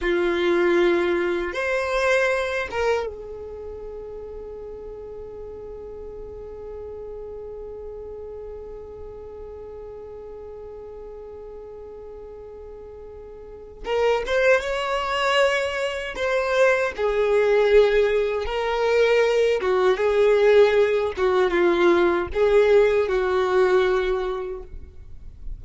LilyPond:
\new Staff \with { instrumentName = "violin" } { \time 4/4 \tempo 4 = 78 f'2 c''4. ais'8 | gis'1~ | gis'1~ | gis'1~ |
gis'2 ais'8 c''8 cis''4~ | cis''4 c''4 gis'2 | ais'4. fis'8 gis'4. fis'8 | f'4 gis'4 fis'2 | }